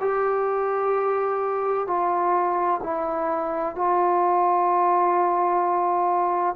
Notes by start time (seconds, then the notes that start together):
0.00 G4
1.87 F4
2.83 E4
3.75 F4